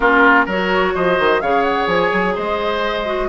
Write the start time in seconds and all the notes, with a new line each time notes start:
0.00 A#3 C#4 F4 A#4
0.45 F#3 A#4 C#5
0.52 F#4
0.94 F3 C5 D#5
1.19 D#3
1.40 C#3 G#4 C#5 F5
1.63 F#5
1.87 F3 G#5
2.12 F#3
2.34 G#3 C5 D#5
3.05 F#4